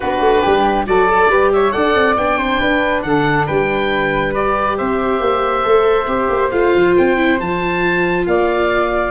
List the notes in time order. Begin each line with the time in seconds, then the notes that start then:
0.00 B3 D4 F#4 B4
0.20 A3
0.41 G3 G4
0.86 F#3 F#4 A4 D5
1.08 A4
1.28 G3 G4 B4
1.52 C#5 E5
1.71 D4 A4 D5 F#5
1.94 C4
2.16 B3 D4 G5
2.37 C4 C5
2.59 D4 B4
3.02 D3 A4 F#5
3.46 G3 B4 G5
4.34 G4 D5
4.77 C4 C5 E5
5.20 A#3
5.63 A3 A4
6.07 C4 G4
6.29 A#3
6.50 A3 F4 F5
6.75 F3
6.97 C4 G5
7.16 E4
7.37 F3 F4 A5
8.26 A#3 D5 F5